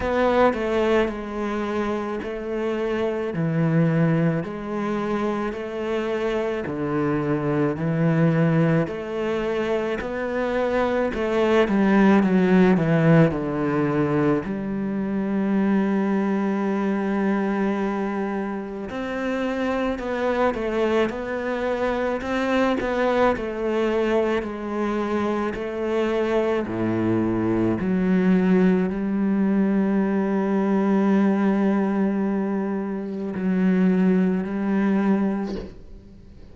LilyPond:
\new Staff \with { instrumentName = "cello" } { \time 4/4 \tempo 4 = 54 b8 a8 gis4 a4 e4 | gis4 a4 d4 e4 | a4 b4 a8 g8 fis8 e8 | d4 g2.~ |
g4 c'4 b8 a8 b4 | c'8 b8 a4 gis4 a4 | a,4 fis4 g2~ | g2 fis4 g4 | }